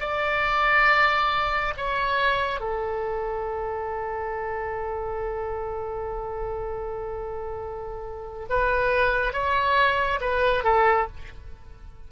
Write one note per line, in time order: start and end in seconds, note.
0.00 1.74 D5
1.77 2.60 C#5
2.60 8.47 A4
8.49 9.33 B4
9.33 10.20 C#5
10.21 10.64 B4
10.64 11.07 A4